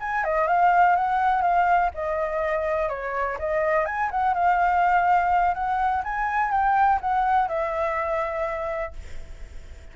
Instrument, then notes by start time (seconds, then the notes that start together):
flute
0.00 G#5
0.24 D#5
0.47 F5
0.95 F#5
1.41 F5
1.94 D#5
2.89 C#5
3.39 D#5
3.85 G#5
4.11 F#5
4.34 F5
5.54 F#5
6.04 G#5
6.51 G5
7.01 F#5
7.48 E5